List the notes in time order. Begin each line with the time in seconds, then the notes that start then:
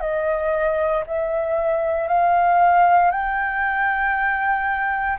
0.00 D#5
1.06 E5
2.07 F5
3.10 G5